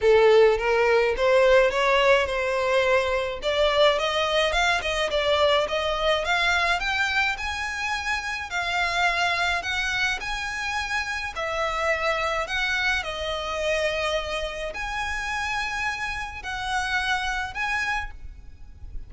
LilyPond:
\new Staff \with { instrumentName = "violin" } { \time 4/4 \tempo 4 = 106 a'4 ais'4 c''4 cis''4 | c''2 d''4 dis''4 | f''8 dis''8 d''4 dis''4 f''4 | g''4 gis''2 f''4~ |
f''4 fis''4 gis''2 | e''2 fis''4 dis''4~ | dis''2 gis''2~ | gis''4 fis''2 gis''4 | }